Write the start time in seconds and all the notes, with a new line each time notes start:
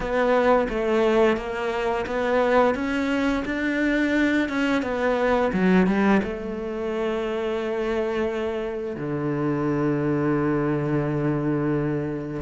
0.00 B3
0.69 A3
1.36 A#3
2.06 B3
2.74 C#4
3.45 D4
4.48 C#4
4.82 B3
5.52 F#3
5.86 G3
6.23 A3
8.96 D3